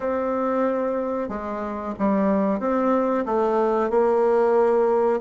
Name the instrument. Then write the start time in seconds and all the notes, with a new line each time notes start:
bassoon
0.00 C4
1.28 G#3
1.99 G3
2.59 C4
3.25 A3
3.90 A#3